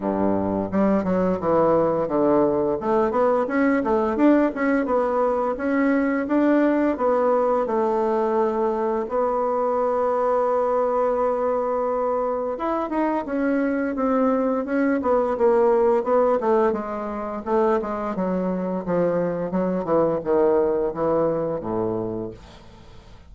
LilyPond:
\new Staff \with { instrumentName = "bassoon" } { \time 4/4 \tempo 4 = 86 g,4 g8 fis8 e4 d4 | a8 b8 cis'8 a8 d'8 cis'8 b4 | cis'4 d'4 b4 a4~ | a4 b2.~ |
b2 e'8 dis'8 cis'4 | c'4 cis'8 b8 ais4 b8 a8 | gis4 a8 gis8 fis4 f4 | fis8 e8 dis4 e4 a,4 | }